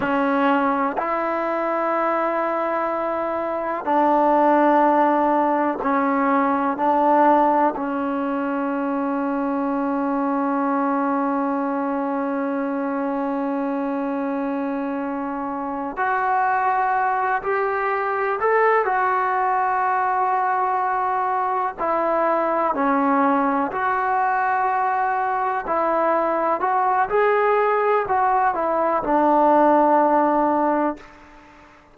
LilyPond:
\new Staff \with { instrumentName = "trombone" } { \time 4/4 \tempo 4 = 62 cis'4 e'2. | d'2 cis'4 d'4 | cis'1~ | cis'1~ |
cis'8 fis'4. g'4 a'8 fis'8~ | fis'2~ fis'8 e'4 cis'8~ | cis'8 fis'2 e'4 fis'8 | gis'4 fis'8 e'8 d'2 | }